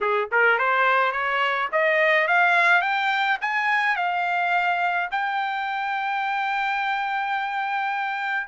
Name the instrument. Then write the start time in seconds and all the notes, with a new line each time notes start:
trumpet
0.01 G#4
0.31 A#4
0.58 C5
1.12 C#5
1.72 D#5
2.27 F5
2.81 G5
3.41 G#5
3.96 F5
5.11 G5